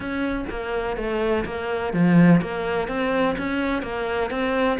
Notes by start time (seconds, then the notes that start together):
0.00 C#4
0.50 A#3
0.96 A3
1.45 A#3
1.93 F3
2.41 A#3
2.88 C4
3.38 C#4
3.82 A#3
4.30 C4